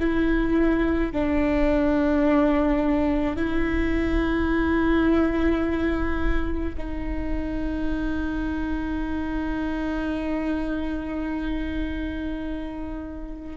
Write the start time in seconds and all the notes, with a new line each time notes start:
0.00 E4
1.13 D4
3.37 E4
6.78 D#4